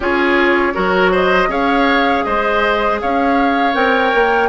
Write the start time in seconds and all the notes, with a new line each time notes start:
0.00 C#4 F4 G#4 C#5
0.74 F#3 F#4 A#4
1.11 C5 D#5
1.47 C#4 G#4 C#5 F5
2.24 G#3 C5 D#5
3.00 C#4 C#5 F5
3.74 C4 A#4 G5
4.14 A#3